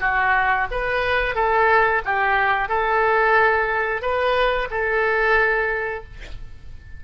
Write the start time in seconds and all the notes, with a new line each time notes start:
0.00 F#4
0.71 B4
1.35 A4
2.05 G4
2.68 A4
4.01 B4
4.70 A4